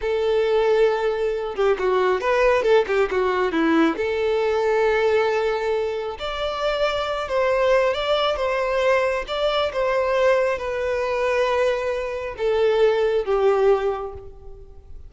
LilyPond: \new Staff \with { instrumentName = "violin" } { \time 4/4 \tempo 4 = 136 a'2.~ a'8 g'8 | fis'4 b'4 a'8 g'8 fis'4 | e'4 a'2.~ | a'2 d''2~ |
d''8 c''4. d''4 c''4~ | c''4 d''4 c''2 | b'1 | a'2 g'2 | }